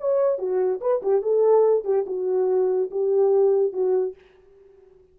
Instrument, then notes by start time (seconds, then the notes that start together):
horn
0.00 C#5
0.38 F#4
0.81 B4
1.02 G4
1.22 A4
1.84 G4
2.06 F#4
2.90 G4
3.72 F#4